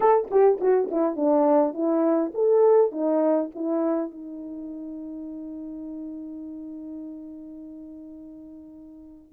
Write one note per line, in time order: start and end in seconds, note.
0.00 0.28 A4
0.30 0.59 G4
0.60 0.89 F#4
0.91 1.15 E4
1.15 1.73 D4
1.73 2.31 E4
2.34 2.91 A4
2.91 3.50 D#4
3.54 4.11 E4
4.11 9.32 D#4